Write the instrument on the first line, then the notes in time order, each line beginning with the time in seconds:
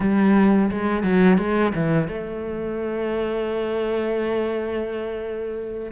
cello
0.00 G3
0.70 G#3
1.03 F#3
1.38 G#3
1.74 E3
2.07 A3